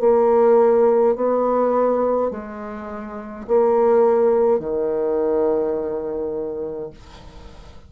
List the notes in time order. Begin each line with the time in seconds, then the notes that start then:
0.00 A#3
1.15 B3
2.31 G#3
3.48 A#3
4.59 D#3